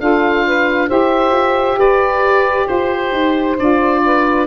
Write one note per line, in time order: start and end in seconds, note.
0.00 0.90 D4
0.00 0.89 F4
0.00 0.46 A4
0.00 0.90 F5
0.47 0.88 B4
0.88 1.32 E4
0.88 3.57 G4
0.88 1.78 C5
0.88 1.80 E5
1.32 1.76 F4
1.78 2.67 G4
1.78 2.67 B4
1.78 2.68 D5
2.67 3.12 F4
2.67 4.02 C5
2.67 3.57 C5
3.12 3.57 D#4
3.59 4.47 D4
3.59 4.47 F4
3.59 4.47 D5
4.05 4.47 B4